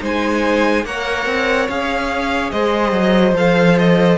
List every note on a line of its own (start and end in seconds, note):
0.00 0.85 G#3
0.00 0.83 D#4
0.00 0.85 C5
0.00 0.86 G#5
0.85 1.26 A#3
0.85 1.70 A#4
0.85 2.52 C#5
0.85 1.69 F#5
1.26 1.68 C4
1.69 2.52 C#4
1.69 3.36 G#4
1.69 2.51 F5
2.51 2.92 G#3
2.51 4.18 C5
2.51 3.34 D#5
2.92 3.33 F#3
3.33 4.16 F3
3.33 4.18 A4
3.33 3.78 F5
3.78 4.18 D#5